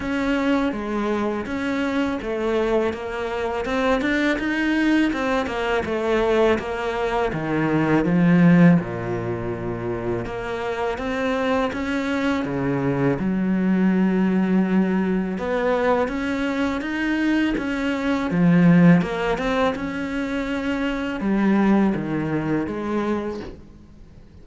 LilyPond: \new Staff \with { instrumentName = "cello" } { \time 4/4 \tempo 4 = 82 cis'4 gis4 cis'4 a4 | ais4 c'8 d'8 dis'4 c'8 ais8 | a4 ais4 dis4 f4 | ais,2 ais4 c'4 |
cis'4 cis4 fis2~ | fis4 b4 cis'4 dis'4 | cis'4 f4 ais8 c'8 cis'4~ | cis'4 g4 dis4 gis4 | }